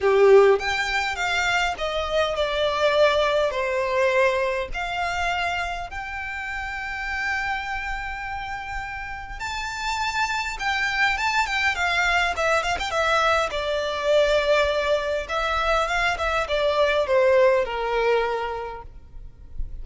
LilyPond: \new Staff \with { instrumentName = "violin" } { \time 4/4 \tempo 4 = 102 g'4 g''4 f''4 dis''4 | d''2 c''2 | f''2 g''2~ | g''1 |
a''2 g''4 a''8 g''8 | f''4 e''8 f''16 g''16 e''4 d''4~ | d''2 e''4 f''8 e''8 | d''4 c''4 ais'2 | }